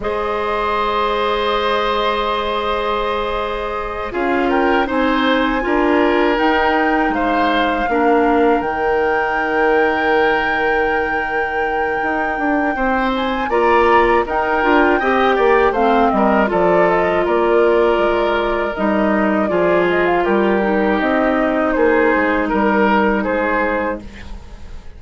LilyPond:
<<
  \new Staff \with { instrumentName = "flute" } { \time 4/4 \tempo 4 = 80 dis''1~ | dis''4. f''8 g''8 gis''4.~ | gis''8 g''4 f''2 g''8~ | g''1~ |
g''4. gis''8 ais''4 g''4~ | g''4 f''8 dis''8 d''8 dis''8 d''4~ | d''4 dis''4 d''8 dis''16 f''16 ais'4 | dis''4 c''4 ais'4 c''4 | }
  \new Staff \with { instrumentName = "oboe" } { \time 4/4 c''1~ | c''4. gis'8 ais'8 c''4 ais'8~ | ais'4. c''4 ais'4.~ | ais'1~ |
ais'4 c''4 d''4 ais'4 | dis''8 d''8 c''8 ais'8 a'4 ais'4~ | ais'2 gis'4 g'4~ | g'4 gis'4 ais'4 gis'4 | }
  \new Staff \with { instrumentName = "clarinet" } { \time 4/4 gis'1~ | gis'4. f'4 dis'4 f'8~ | f'8 dis'2 d'4 dis'8~ | dis'1~ |
dis'2 f'4 dis'8 f'8 | g'4 c'4 f'2~ | f'4 dis'4 f'4. dis'8~ | dis'1 | }
  \new Staff \with { instrumentName = "bassoon" } { \time 4/4 gis1~ | gis4. cis'4 c'4 d'8~ | d'8 dis'4 gis4 ais4 dis8~ | dis1 |
dis'8 d'8 c'4 ais4 dis'8 d'8 | c'8 ais8 a8 g8 f4 ais4 | gis4 g4 f4 g4 | c'4 ais8 gis8 g4 gis4 | }
>>